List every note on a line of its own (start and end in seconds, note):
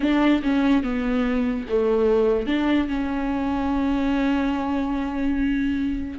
0.00 0.41 D4
0.42 0.83 C#4
0.83 1.66 B3
1.69 2.46 A3
2.46 2.87 D4
2.87 6.18 C#4